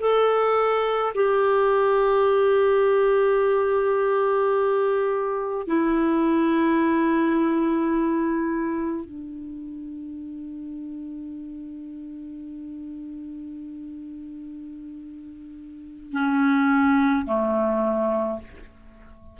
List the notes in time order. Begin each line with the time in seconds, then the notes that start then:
0.00 A4
1.15 G4
5.67 E4
9.05 D4
16.12 C#4
17.26 A3